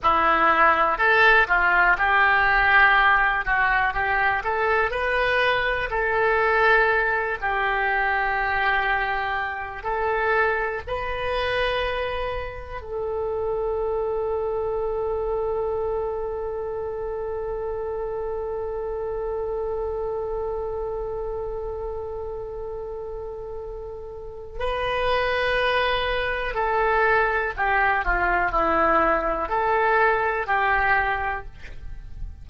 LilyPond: \new Staff \with { instrumentName = "oboe" } { \time 4/4 \tempo 4 = 61 e'4 a'8 f'8 g'4. fis'8 | g'8 a'8 b'4 a'4. g'8~ | g'2 a'4 b'4~ | b'4 a'2.~ |
a'1~ | a'1~ | a'4 b'2 a'4 | g'8 f'8 e'4 a'4 g'4 | }